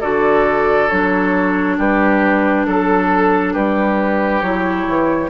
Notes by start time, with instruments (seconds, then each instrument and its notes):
0.00 bassoon D3, clarinet F#4, oboe A4, flute D5
0.88 bassoon F#3, clarinet D4, flute C#5
1.77 bassoon G3, oboe G4, flute B4
2.66 bassoon F#3, flute A4, oboe A4
3.53 bassoon G3, oboe G4, flute B4
4.41 bassoon F#3, clarinet E4, flute C#5
4.87 bassoon E3